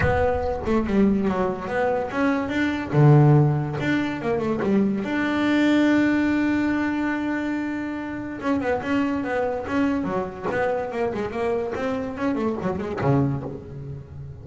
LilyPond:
\new Staff \with { instrumentName = "double bass" } { \time 4/4 \tempo 4 = 143 b4. a8 g4 fis4 | b4 cis'4 d'4 d4~ | d4 d'4 ais8 a8 g4 | d'1~ |
d'1 | cis'8 b8 cis'4 b4 cis'4 | fis4 b4 ais8 gis8 ais4 | c'4 cis'8 a8 fis8 gis8 cis4 | }